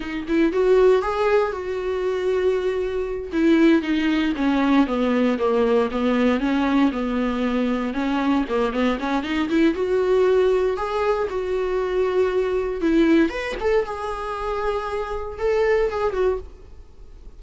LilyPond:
\new Staff \with { instrumentName = "viola" } { \time 4/4 \tempo 4 = 117 dis'8 e'8 fis'4 gis'4 fis'4~ | fis'2~ fis'8 e'4 dis'8~ | dis'8 cis'4 b4 ais4 b8~ | b8 cis'4 b2 cis'8~ |
cis'8 ais8 b8 cis'8 dis'8 e'8 fis'4~ | fis'4 gis'4 fis'2~ | fis'4 e'4 b'8 a'8 gis'4~ | gis'2 a'4 gis'8 fis'8 | }